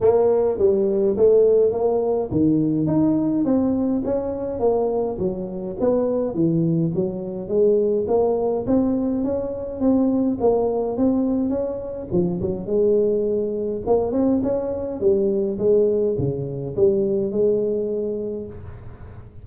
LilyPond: \new Staff \with { instrumentName = "tuba" } { \time 4/4 \tempo 4 = 104 ais4 g4 a4 ais4 | dis4 dis'4 c'4 cis'4 | ais4 fis4 b4 e4 | fis4 gis4 ais4 c'4 |
cis'4 c'4 ais4 c'4 | cis'4 f8 fis8 gis2 | ais8 c'8 cis'4 g4 gis4 | cis4 g4 gis2 | }